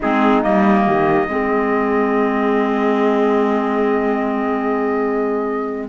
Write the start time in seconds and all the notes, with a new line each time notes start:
0.00 G#3 C4 D#4 G#4
0.42 G3 A#3 D#5
0.86 D#3 G4
1.28 G#3 C4 G#4